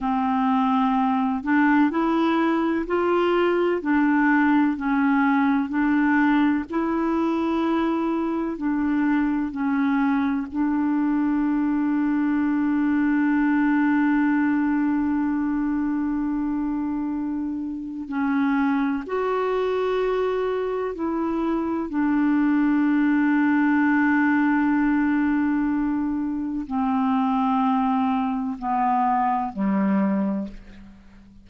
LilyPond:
\new Staff \with { instrumentName = "clarinet" } { \time 4/4 \tempo 4 = 63 c'4. d'8 e'4 f'4 | d'4 cis'4 d'4 e'4~ | e'4 d'4 cis'4 d'4~ | d'1~ |
d'2. cis'4 | fis'2 e'4 d'4~ | d'1 | c'2 b4 g4 | }